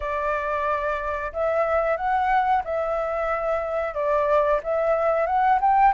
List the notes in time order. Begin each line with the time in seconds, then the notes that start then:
0.00 D5
1.32 E5
1.97 F#5
2.64 E5
3.94 D5
4.63 E5
5.26 F#5
5.60 G5